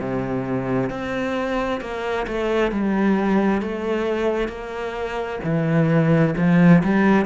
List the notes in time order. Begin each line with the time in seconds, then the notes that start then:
0.00 C3
0.90 C4
1.81 A#3
2.28 A3
2.72 G3
3.62 A3
4.49 A#3
5.44 E3
6.38 F3
6.84 G3